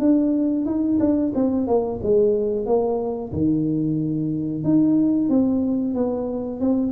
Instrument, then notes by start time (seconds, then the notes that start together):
tuba
0.00 D4
0.66 D#4
1.00 D4
1.35 C4
1.68 A#3
2.03 G#3
2.66 A#3
3.33 D#3
4.64 D#4
5.30 C4
5.95 B3
6.61 C4